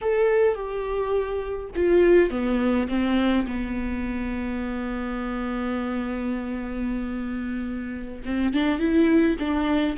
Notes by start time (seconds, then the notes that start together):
0.01 A4
0.54 G4
1.75 F4
2.30 B3
2.88 C4
3.46 B3
8.25 C4
8.53 D4
8.78 E4
9.39 D4